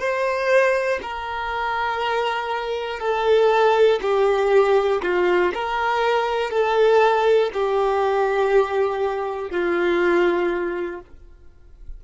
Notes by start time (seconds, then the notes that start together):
0.00 C5
1.02 A#4
3.00 A4
4.02 G4
5.02 F4
5.54 A#4
6.51 A4
7.54 G4
9.51 F4